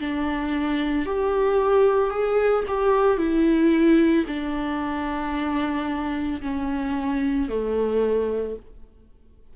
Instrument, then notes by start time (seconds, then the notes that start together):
viola
0.00 D4
1.05 G4
2.10 G#4
2.67 G4
3.18 E4
4.27 D4
6.41 C#4
7.49 A3